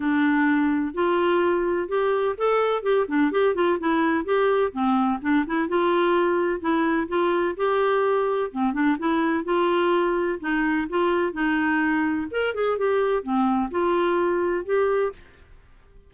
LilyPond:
\new Staff \with { instrumentName = "clarinet" } { \time 4/4 \tempo 4 = 127 d'2 f'2 | g'4 a'4 g'8 d'8 g'8 f'8 | e'4 g'4 c'4 d'8 e'8 | f'2 e'4 f'4 |
g'2 c'8 d'8 e'4 | f'2 dis'4 f'4 | dis'2 ais'8 gis'8 g'4 | c'4 f'2 g'4 | }